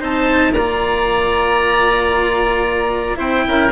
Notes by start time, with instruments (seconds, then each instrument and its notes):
0.00 bassoon C4, cello D#4, oboe C5 A5
0.52 bassoon A#3, cello F4, oboe D5 A#5
3.17 bassoon C4, cello E4, oboe C5 G5
3.48 bassoon C#4, oboe A#4